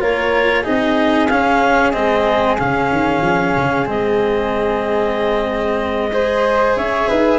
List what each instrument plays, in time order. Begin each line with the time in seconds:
0.00 tuba A#3, cello F4, flute A#4, clarinet C#5
0.61 cello D#4, flute G#4, clarinet D#5
0.67 tuba C4
1.28 cello C#4, tuba C#4, clarinet F5
1.91 tuba G#3, cello C4, clarinet D#5
2.58 tuba C#3, cello C#4, clarinet F5
2.91 tuba D#3
3.21 tuba F3
3.56 tuba C#3
3.85 tuba G#3, cello C4, clarinet D#5
6.12 cello G#4, flute C5
6.76 tuba C#4, flute C#5, clarinet E5
7.08 tuba D#4, flute B4